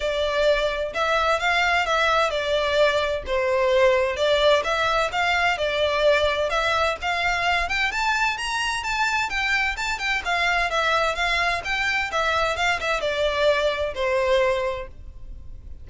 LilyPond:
\new Staff \with { instrumentName = "violin" } { \time 4/4 \tempo 4 = 129 d''2 e''4 f''4 | e''4 d''2 c''4~ | c''4 d''4 e''4 f''4 | d''2 e''4 f''4~ |
f''8 g''8 a''4 ais''4 a''4 | g''4 a''8 g''8 f''4 e''4 | f''4 g''4 e''4 f''8 e''8 | d''2 c''2 | }